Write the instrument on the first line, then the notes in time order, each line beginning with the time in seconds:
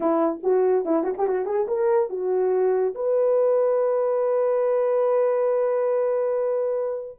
horn
0.00 E4
0.43 F#4
0.85 E4
1.03 F#4
1.17 G4
1.27 F#4
1.45 G#4
1.67 A#4
2.09 F#4
2.94 B4